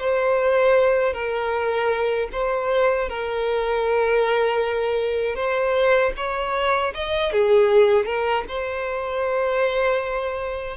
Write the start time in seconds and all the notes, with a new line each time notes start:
0.00 C5
1.14 A#4
2.33 C5
3.09 A#4
5.36 C5
6.17 C#5
6.95 D#5
7.33 G#4
8.06 A#4
8.49 C5